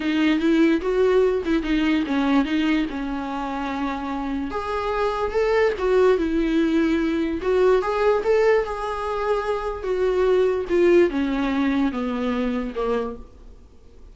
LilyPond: \new Staff \with { instrumentName = "viola" } { \time 4/4 \tempo 4 = 146 dis'4 e'4 fis'4. e'8 | dis'4 cis'4 dis'4 cis'4~ | cis'2. gis'4~ | gis'4 a'4 fis'4 e'4~ |
e'2 fis'4 gis'4 | a'4 gis'2. | fis'2 f'4 cis'4~ | cis'4 b2 ais4 | }